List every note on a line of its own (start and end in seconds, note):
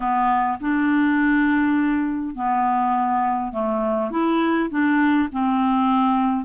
0.00 0.58 B3
0.60 2.35 D4
2.35 3.52 B3
3.52 4.10 A3
4.10 4.69 E4
4.70 5.29 D4
5.32 6.45 C4